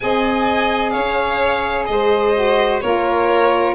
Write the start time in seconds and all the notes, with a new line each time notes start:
0.00 C4 G#4 D#5 G#5
0.90 C#4 C#5 F5
1.86 G#3 C5 D#5
2.34 F#4
2.80 A#3 F4 A#4 C#5